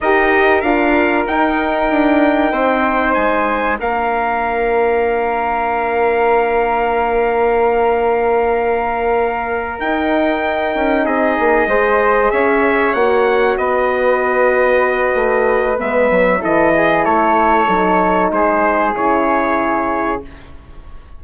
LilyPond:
<<
  \new Staff \with { instrumentName = "trumpet" } { \time 4/4 \tempo 4 = 95 dis''4 f''4 g''2~ | g''4 gis''4 f''2~ | f''1~ | f''2.~ f''8 g''8~ |
g''4. dis''2 e''8~ | e''8 fis''4 dis''2~ dis''8~ | dis''4 e''4 dis''4 cis''4~ | cis''4 c''4 cis''2 | }
  \new Staff \with { instrumentName = "flute" } { \time 4/4 ais'1 | c''2 ais'2~ | ais'1~ | ais'1~ |
ais'4. gis'4 c''4 cis''8~ | cis''4. b'2~ b'8~ | b'2 a'8 gis'8 a'4~ | a'4 gis'2. | }
  \new Staff \with { instrumentName = "horn" } { \time 4/4 g'4 f'4 dis'2~ | dis'2 d'2~ | d'1~ | d'2.~ d'8 dis'8~ |
dis'2~ dis'8 gis'4.~ | gis'8 fis'2.~ fis'8~ | fis'4 b4 e'2 | dis'2 e'2 | }
  \new Staff \with { instrumentName = "bassoon" } { \time 4/4 dis'4 d'4 dis'4 d'4 | c'4 gis4 ais2~ | ais1~ | ais2.~ ais8 dis'8~ |
dis'4 cis'8 c'8 ais8 gis4 cis'8~ | cis'8 ais4 b2~ b8 | a4 gis8 fis8 e4 a4 | fis4 gis4 cis2 | }
>>